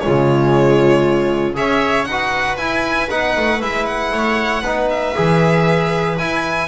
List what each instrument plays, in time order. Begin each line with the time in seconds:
0.00 trombone G#3, viola F4, violin C#5
0.07 double bass C#3
1.55 double bass C#4, trombone G#4, viola C#5, violin E5
2.05 double bass D#4, viola B4, violin F#5
2.12 trombone F#4
2.58 trombone E4, double bass E4, violin G#5
3.11 double bass B3, trombone D#4, violin F#5
3.37 double bass A3
3.61 double bass G#3, trombone E4, violin E5
3.86 violin F#5
4.13 double bass A3, viola C#5
4.62 double bass B3, trombone D#4, viola B4
4.90 violin E5
5.15 double bass E3, trombone G#4
6.18 trombone E4, double bass E4, violin G#5